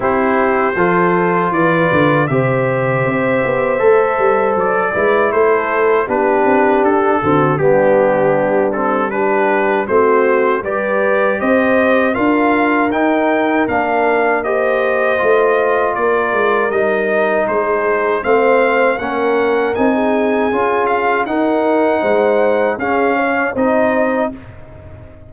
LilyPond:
<<
  \new Staff \with { instrumentName = "trumpet" } { \time 4/4 \tempo 4 = 79 c''2 d''4 e''4~ | e''2 d''4 c''4 | b'4 a'4 g'4. a'8 | b'4 c''4 d''4 dis''4 |
f''4 g''4 f''4 dis''4~ | dis''4 d''4 dis''4 c''4 | f''4 fis''4 gis''4. f''8 | fis''2 f''4 dis''4 | }
  \new Staff \with { instrumentName = "horn" } { \time 4/4 g'4 a'4 b'4 c''4~ | c''2~ c''8 b'8 a'4 | g'4. fis'8 d'2 | g'4 fis'4 b'4 c''4 |
ais'2. c''4~ | c''4 ais'2 gis'4 | c''4 ais'4~ ais'16 gis'4.~ gis'16 | ais'4 c''4 gis'8 cis''8 c''4 | }
  \new Staff \with { instrumentName = "trombone" } { \time 4/4 e'4 f'2 g'4~ | g'4 a'4. e'4. | d'4. c'8 b4. c'8 | d'4 c'4 g'2 |
f'4 dis'4 d'4 g'4 | f'2 dis'2 | c'4 cis'4 dis'4 f'4 | dis'2 cis'4 dis'4 | }
  \new Staff \with { instrumentName = "tuba" } { \time 4/4 c'4 f4 e8 d8 c4 | c'8 b8 a8 g8 fis8 gis8 a4 | b8 c'8 d'8 d8 g2~ | g4 a4 g4 c'4 |
d'4 dis'4 ais2 | a4 ais8 gis8 g4 gis4 | a4 ais4 c'4 cis'4 | dis'4 gis4 cis'4 c'4 | }
>>